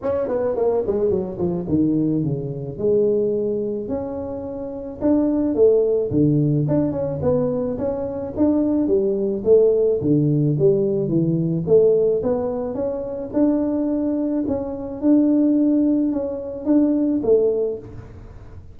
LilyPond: \new Staff \with { instrumentName = "tuba" } { \time 4/4 \tempo 4 = 108 cis'8 b8 ais8 gis8 fis8 f8 dis4 | cis4 gis2 cis'4~ | cis'4 d'4 a4 d4 | d'8 cis'8 b4 cis'4 d'4 |
g4 a4 d4 g4 | e4 a4 b4 cis'4 | d'2 cis'4 d'4~ | d'4 cis'4 d'4 a4 | }